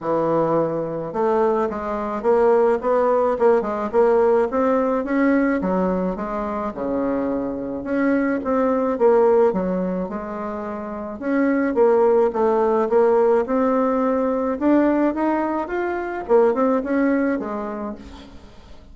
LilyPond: \new Staff \with { instrumentName = "bassoon" } { \time 4/4 \tempo 4 = 107 e2 a4 gis4 | ais4 b4 ais8 gis8 ais4 | c'4 cis'4 fis4 gis4 | cis2 cis'4 c'4 |
ais4 fis4 gis2 | cis'4 ais4 a4 ais4 | c'2 d'4 dis'4 | f'4 ais8 c'8 cis'4 gis4 | }